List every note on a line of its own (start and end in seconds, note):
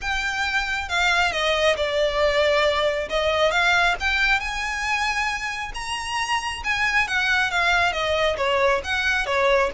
0.01 0.88 G5
0.88 1.32 F5
1.32 1.76 D#5
1.76 3.09 D5
3.09 3.51 D#5
3.51 3.95 F5
4.00 4.39 G5
4.39 5.72 G#5
5.74 6.62 A#5
6.64 7.07 G#5
7.07 7.51 F#5
7.51 7.92 F5
7.92 8.36 D#5
8.37 8.81 C#5
8.84 9.26 F#5
9.26 9.70 C#5